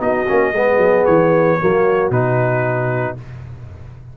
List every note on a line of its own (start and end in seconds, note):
0.00 0.27 B3
0.00 0.26 D#4
0.00 0.54 F#4
0.00 1.06 D#5
0.27 0.52 A#3
0.27 0.54 C#4
0.52 0.78 G#3
0.52 1.60 B3
0.52 1.59 G#4
0.78 1.04 F#3
1.06 1.60 E3
1.06 2.11 C#5
1.59 2.11 F#3
1.59 2.12 A#3
1.59 3.17 F#4
2.11 3.16 B2
2.11 3.18 D#4
2.11 3.17 B4